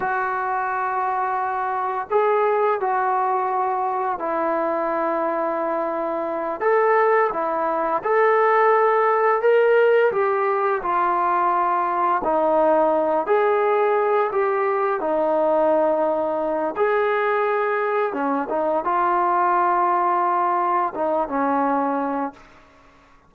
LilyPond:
\new Staff \with { instrumentName = "trombone" } { \time 4/4 \tempo 4 = 86 fis'2. gis'4 | fis'2 e'2~ | e'4. a'4 e'4 a'8~ | a'4. ais'4 g'4 f'8~ |
f'4. dis'4. gis'4~ | gis'8 g'4 dis'2~ dis'8 | gis'2 cis'8 dis'8 f'4~ | f'2 dis'8 cis'4. | }